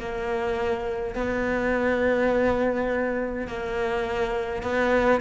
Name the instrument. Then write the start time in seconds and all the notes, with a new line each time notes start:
cello
0.00 A#3
1.15 B3
3.48 A#3
4.63 B3